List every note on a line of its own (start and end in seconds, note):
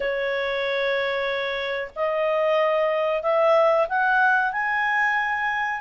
0.00 1.90 C#5
1.95 3.22 D#5
3.22 3.87 E5
3.88 4.52 F#5
4.52 5.80 G#5